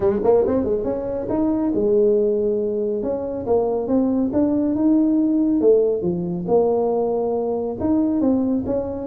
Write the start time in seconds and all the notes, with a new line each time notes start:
0.00 G#3
0.23 A#3
0.46 C4
0.64 G#3
0.84 C#4
1.29 D#4
1.75 G#3
3.02 C#4
3.46 A#3
3.87 C4
4.32 D4
4.75 D#4
5.61 A3
6.02 F3
6.47 A#3
7.80 D#4
8.20 C4
8.65 C#4